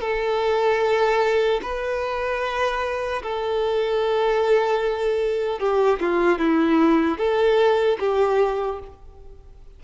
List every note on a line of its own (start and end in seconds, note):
0.00 1.60 A4
1.62 3.22 B4
3.23 5.59 A4
5.59 5.99 G4
6.00 6.38 F4
6.38 7.17 E4
7.17 7.97 A4
7.99 8.79 G4